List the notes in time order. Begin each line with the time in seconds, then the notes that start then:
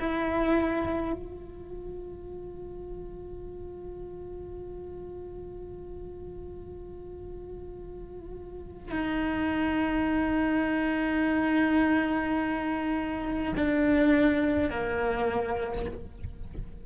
0.00 E4
1.13 F4
8.92 D#4
13.57 D4
14.70 A#3